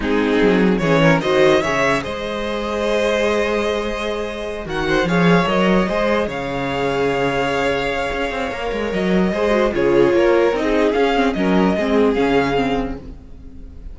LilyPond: <<
  \new Staff \with { instrumentName = "violin" } { \time 4/4 \tempo 4 = 148 gis'2 cis''4 dis''4 | e''4 dis''2.~ | dis''2.~ dis''8 fis''8~ | fis''8 f''4 dis''2 f''8~ |
f''1~ | f''2 dis''2 | cis''2 dis''4 f''4 | dis''2 f''2 | }
  \new Staff \with { instrumentName = "violin" } { \time 4/4 dis'2 gis'8 ais'8 c''4 | cis''4 c''2.~ | c''2.~ c''8 ais'8 | c''8 cis''2 c''4 cis''8~ |
cis''1~ | cis''2. c''4 | gis'4 ais'4~ ais'16 gis'4.~ gis'16 | ais'4 gis'2. | }
  \new Staff \with { instrumentName = "viola" } { \time 4/4 c'2 cis'4 fis'4 | gis'1~ | gis'2.~ gis'8 fis'8~ | fis'8 gis'4 ais'4 gis'4.~ |
gis'1~ | gis'4 ais'2 gis'8 fis'8 | f'2 dis'4 cis'8 c'8 | cis'4 c'4 cis'4 c'4 | }
  \new Staff \with { instrumentName = "cello" } { \time 4/4 gis4 fis4 e4 dis4 | cis4 gis2.~ | gis2.~ gis8 dis8~ | dis8 f4 fis4 gis4 cis8~ |
cis1 | cis'8 c'8 ais8 gis8 fis4 gis4 | cis4 ais4 c'4 cis'4 | fis4 gis4 cis2 | }
>>